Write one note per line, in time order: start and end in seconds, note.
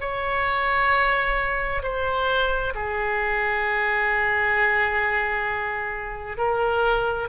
0.00 1.82 C#5
1.83 2.74 C5
2.74 6.37 G#4
6.37 7.28 A#4